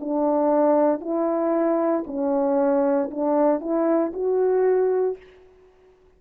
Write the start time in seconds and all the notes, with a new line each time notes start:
0.00 D4
1.00 E4
2.06 C#4
3.11 D4
3.60 E4
4.13 F#4